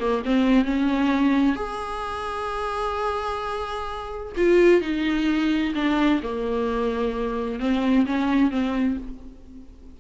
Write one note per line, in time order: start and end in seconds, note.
0.00 0.23 A#3
0.25 0.65 C4
0.65 1.56 C#4
1.56 4.33 G#4
4.37 4.81 F4
4.81 5.74 D#4
5.75 6.21 D4
6.23 7.60 A#3
7.60 8.06 C4
8.06 8.51 C#4
8.51 8.97 C4